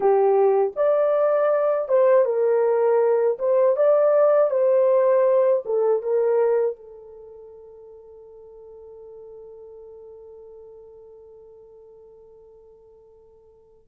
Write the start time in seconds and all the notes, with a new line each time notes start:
0.00 G4
0.76 D5
1.88 C5
2.25 A#4
3.39 C5
3.76 D5
4.50 C5
5.65 A4
6.02 A#4
6.76 A4